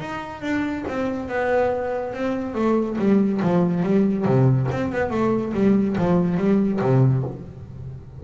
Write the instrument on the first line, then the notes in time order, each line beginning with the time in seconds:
double bass
0.00 D#4
0.42 D4
0.88 C4
1.28 B3
2.14 C4
2.54 A3
2.98 G3
3.42 F3
3.83 G3
4.25 C3
4.71 C4
4.92 B3
5.10 A3
5.54 G3
5.98 F3
6.37 G3
6.81 C3